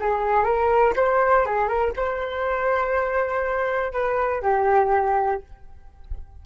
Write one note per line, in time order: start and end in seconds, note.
0.00 0.44 G#4
0.44 0.94 A#4
0.96 1.46 C5
1.46 1.68 G#4
1.68 1.93 A#4
1.97 3.93 C5
3.93 4.42 B4
4.42 5.42 G4